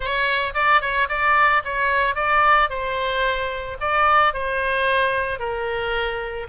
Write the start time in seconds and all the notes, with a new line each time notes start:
0.00 C#5
0.54 D5
0.81 C#5
1.08 D5
1.64 C#5
2.15 D5
2.69 C5
3.80 D5
4.33 C5
5.39 A#4